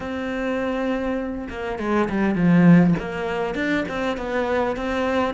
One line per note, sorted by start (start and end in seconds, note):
0.00 1.47 C4
1.49 1.78 A#3
1.78 2.08 G#3
2.09 2.35 G3
2.35 2.94 F3
2.99 3.55 A#3
3.55 3.84 D4
3.88 4.17 C4
4.17 4.76 B3
4.76 5.33 C4